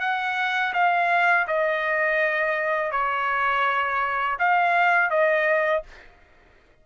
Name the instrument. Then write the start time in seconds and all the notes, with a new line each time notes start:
trumpet
0.00 F#5
0.74 F5
1.47 D#5
2.92 C#5
4.39 F5
5.10 D#5